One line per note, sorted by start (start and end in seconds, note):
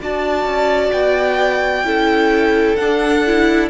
0.00 0.44 D4
0.00 1.84 F#4
0.00 1.85 D5
0.00 0.92 A5
0.44 0.91 C#4
0.92 1.83 B3
0.92 2.76 G5
1.83 2.76 C#4
1.83 2.77 E4
1.83 3.69 A4
2.76 3.69 D4
2.76 3.25 D4
2.76 3.68 F#5
3.26 3.69 E4